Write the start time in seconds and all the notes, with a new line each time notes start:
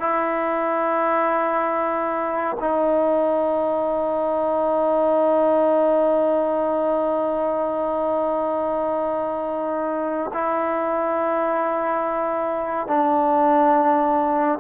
0.00 E4
2.60 D#4
10.34 E4
12.87 D4